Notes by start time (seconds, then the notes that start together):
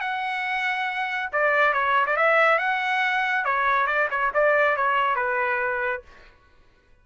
0.00 F#5
1.32 D5
1.73 C#5
2.06 D5
2.16 E5
2.58 F#5
3.45 C#5
3.87 D5
4.10 C#5
4.34 D5
4.76 C#5
5.15 B4